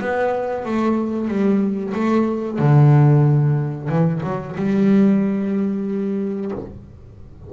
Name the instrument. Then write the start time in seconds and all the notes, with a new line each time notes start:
double bass
0.00 B3
0.65 A3
1.28 G3
1.94 A3
2.58 D3
3.89 E3
4.23 F#3
4.56 G3